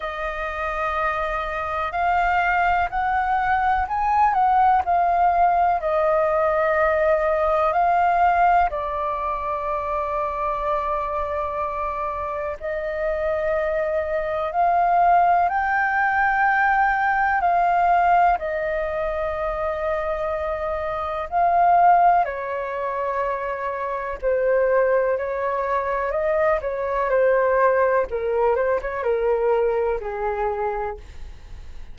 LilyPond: \new Staff \with { instrumentName = "flute" } { \time 4/4 \tempo 4 = 62 dis''2 f''4 fis''4 | gis''8 fis''8 f''4 dis''2 | f''4 d''2.~ | d''4 dis''2 f''4 |
g''2 f''4 dis''4~ | dis''2 f''4 cis''4~ | cis''4 c''4 cis''4 dis''8 cis''8 | c''4 ais'8 c''16 cis''16 ais'4 gis'4 | }